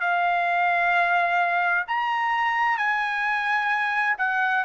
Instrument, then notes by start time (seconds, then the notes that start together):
trumpet
0.00 F5
1.87 A#5
2.77 G#5
4.18 F#5